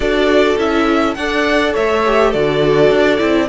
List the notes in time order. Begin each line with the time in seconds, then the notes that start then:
0.00 D4 F#4 A4 D5
0.57 C#4 E4 E5
1.14 D4 A4 D5 F#5
1.74 A3 C#5 E5
2.06 G4
2.29 D3 F#4 A4 D5
2.90 D4
3.18 C4 E4